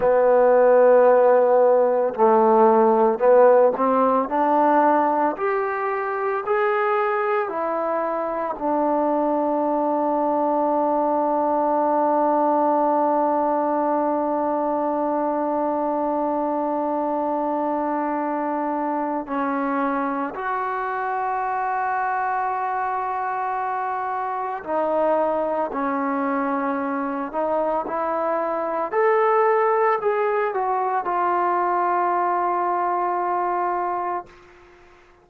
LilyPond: \new Staff \with { instrumentName = "trombone" } { \time 4/4 \tempo 4 = 56 b2 a4 b8 c'8 | d'4 g'4 gis'4 e'4 | d'1~ | d'1~ |
d'2 cis'4 fis'4~ | fis'2. dis'4 | cis'4. dis'8 e'4 a'4 | gis'8 fis'8 f'2. | }